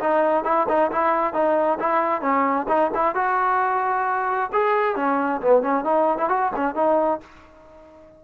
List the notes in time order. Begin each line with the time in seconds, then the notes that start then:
0.00 D#4
0.44 E4
0.69 D#4
0.91 E4
1.34 D#4
1.80 E4
2.22 C#4
2.69 D#4
2.95 E4
3.15 F#4
4.53 G#4
4.96 C#4
5.42 B3
5.62 C#4
5.85 D#4
6.18 E4
6.29 F#4
6.56 C#4
6.75 D#4